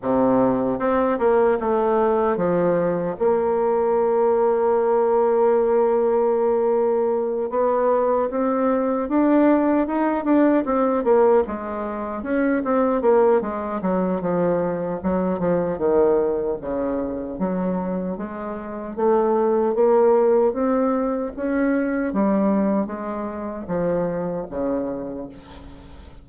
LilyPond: \new Staff \with { instrumentName = "bassoon" } { \time 4/4 \tempo 4 = 76 c4 c'8 ais8 a4 f4 | ais1~ | ais4. b4 c'4 d'8~ | d'8 dis'8 d'8 c'8 ais8 gis4 cis'8 |
c'8 ais8 gis8 fis8 f4 fis8 f8 | dis4 cis4 fis4 gis4 | a4 ais4 c'4 cis'4 | g4 gis4 f4 cis4 | }